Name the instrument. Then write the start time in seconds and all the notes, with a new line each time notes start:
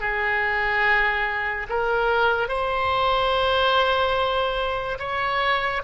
oboe
0.00 G#4
1.69 A#4
2.48 C5
4.99 C#5